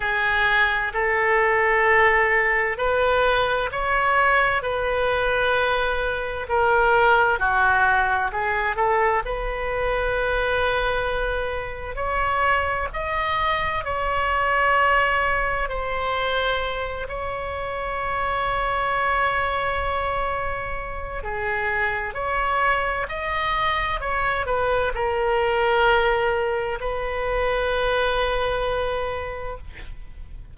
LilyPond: \new Staff \with { instrumentName = "oboe" } { \time 4/4 \tempo 4 = 65 gis'4 a'2 b'4 | cis''4 b'2 ais'4 | fis'4 gis'8 a'8 b'2~ | b'4 cis''4 dis''4 cis''4~ |
cis''4 c''4. cis''4.~ | cis''2. gis'4 | cis''4 dis''4 cis''8 b'8 ais'4~ | ais'4 b'2. | }